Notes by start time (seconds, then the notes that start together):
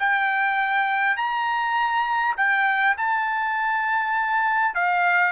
0.00 G5
1.17 A#5
2.37 G5
2.98 A5
4.75 F5